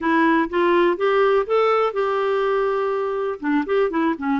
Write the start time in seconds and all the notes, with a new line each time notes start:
0.00 E4
0.49 F4
0.97 G4
1.46 A4
1.93 G4
3.40 D4
3.66 G4
3.90 E4
4.18 C#4